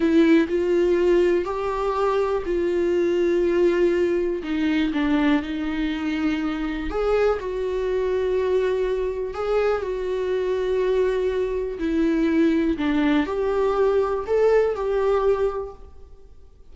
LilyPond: \new Staff \with { instrumentName = "viola" } { \time 4/4 \tempo 4 = 122 e'4 f'2 g'4~ | g'4 f'2.~ | f'4 dis'4 d'4 dis'4~ | dis'2 gis'4 fis'4~ |
fis'2. gis'4 | fis'1 | e'2 d'4 g'4~ | g'4 a'4 g'2 | }